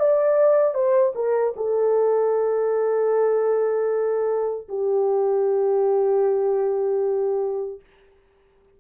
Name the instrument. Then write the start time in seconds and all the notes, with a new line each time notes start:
horn
0.00 D5
0.74 C5
1.15 A#4
1.57 A4
4.69 G4